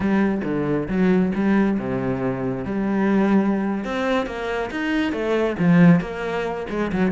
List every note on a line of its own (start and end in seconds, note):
0.00 0.41 G3
0.44 0.87 D3
0.88 1.32 F#3
1.34 1.78 G3
1.78 2.64 C3
2.64 3.84 G3
3.84 4.26 C4
4.26 4.70 A#3
4.71 5.12 D#4
5.12 5.56 A3
5.58 6.00 F3
6.00 6.66 A#3
6.69 6.91 G#3
6.92 7.11 F#3